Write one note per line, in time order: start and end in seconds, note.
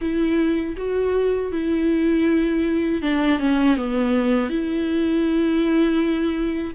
0.01 0.76 E4
0.76 1.51 F#4
1.51 3.01 E4
3.01 3.39 D4
3.39 3.76 C#4
3.76 4.49 B3
4.49 6.74 E4